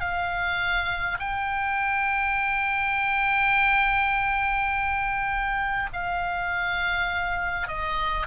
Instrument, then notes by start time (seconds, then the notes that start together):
oboe
0.00 F5
1.19 G5
5.93 F5
7.68 D#5